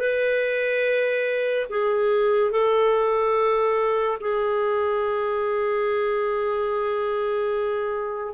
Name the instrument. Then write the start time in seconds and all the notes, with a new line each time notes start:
clarinet
0.00 B4
1.70 G#4
2.52 A4
4.21 G#4